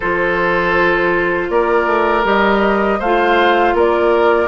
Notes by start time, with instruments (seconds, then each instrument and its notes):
0.00 bassoon F3, clarinet F4, oboe A4, flute C5
1.49 bassoon A#3, oboe A#4, flute D5
1.86 bassoon A3
2.24 bassoon G3, clarinet G4, flute D#5
2.99 bassoon A3, clarinet F4, oboe C5, flute F5
3.73 bassoon A#3, oboe A#4, flute D5